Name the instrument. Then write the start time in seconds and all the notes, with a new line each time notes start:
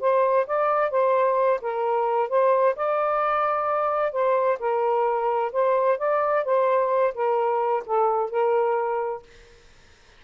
saxophone
0.00 C5
0.46 D5
0.91 C5
1.61 A#4
2.29 C5
2.76 D5
4.12 C5
4.59 A#4
5.52 C5
5.98 D5
6.45 C5
7.14 A#4
7.86 A4
8.30 A#4